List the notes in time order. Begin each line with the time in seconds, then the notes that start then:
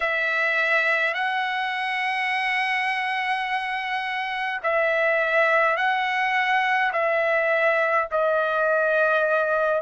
0.00 E5
1.14 F#5
4.63 E5
5.76 F#5
6.92 E5
8.11 D#5